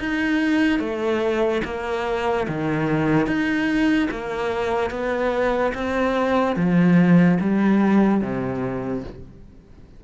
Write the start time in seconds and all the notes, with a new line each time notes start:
0.00 D#4
0.80 A3
1.65 A#3
2.48 D#3
3.27 D#4
4.11 A#3
4.91 B3
5.75 C4
6.56 F3
7.40 G3
8.22 C3